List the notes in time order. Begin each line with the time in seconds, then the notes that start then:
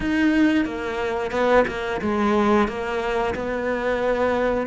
0.00 D#4
0.65 A#3
1.31 B3
1.67 A#3
2.01 G#3
2.68 A#3
3.35 B3